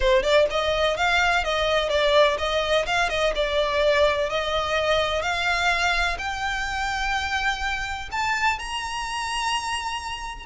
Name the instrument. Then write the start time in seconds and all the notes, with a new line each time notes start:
violin
0.00 C5
0.22 D5
0.50 D#5
0.96 F5
1.44 D#5
1.89 D5
2.38 D#5
2.85 F5
3.09 D#5
3.35 D5
4.29 D#5
5.21 F5
6.18 G5
8.11 A5
8.58 A#5